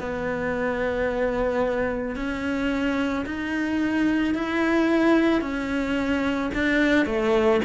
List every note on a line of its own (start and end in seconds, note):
0.00 2.16 B3
2.16 3.25 C#4
3.26 4.34 D#4
4.34 5.41 E4
5.41 6.51 C#4
6.55 7.06 D4
7.06 7.61 A3